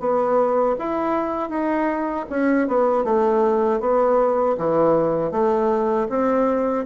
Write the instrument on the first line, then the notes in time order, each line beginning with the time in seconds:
bassoon
0.00 B3
0.79 E4
1.49 D#4
2.30 C#4
2.68 B3
3.04 A3
3.80 B3
4.58 E3
5.31 A3
6.09 C4